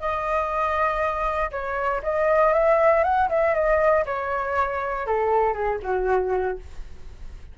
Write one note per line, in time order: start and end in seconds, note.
0.00 1.51 D#5
1.51 2.02 C#5
2.03 2.54 D#5
2.54 3.04 E5
3.04 3.29 F#5
3.30 3.55 E5
3.55 4.05 D#5
4.06 5.07 C#5
5.07 5.54 A4
5.54 5.79 G#4
5.83 6.59 F#4